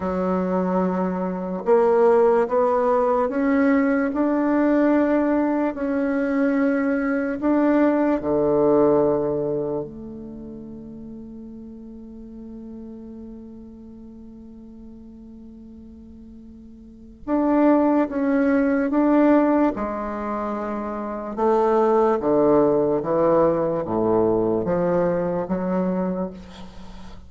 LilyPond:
\new Staff \with { instrumentName = "bassoon" } { \time 4/4 \tempo 4 = 73 fis2 ais4 b4 | cis'4 d'2 cis'4~ | cis'4 d'4 d2 | a1~ |
a1~ | a4 d'4 cis'4 d'4 | gis2 a4 d4 | e4 a,4 f4 fis4 | }